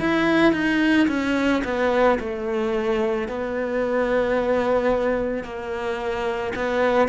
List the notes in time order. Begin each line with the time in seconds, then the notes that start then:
0.00 E4
0.53 D#4
1.08 C#4
1.64 B3
2.20 A3
3.29 B3
5.44 A#3
6.56 B3